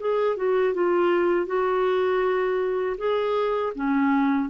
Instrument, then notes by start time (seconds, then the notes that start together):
clarinet
0.00 G#4
0.36 F#4
0.74 F4
1.46 F#4
2.98 G#4
3.75 C#4